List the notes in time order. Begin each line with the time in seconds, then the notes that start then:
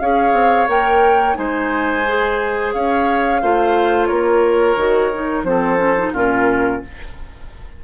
0.00 C#4 G#4 C#5 F5
0.33 C4
0.68 A#3 A#4 G5
1.34 G#3 D#4 C5 G#5
2.08 G#4
2.73 C#4 C#5 F5
3.42 A3 F4 C5
4.07 A#3 A#4 C#5
4.76 D#3 F#4
5.14 D#4
5.43 F3 C4 A4 C5
5.78 C#4
5.98 D#4
6.13 A#2 C#4 F4 A#4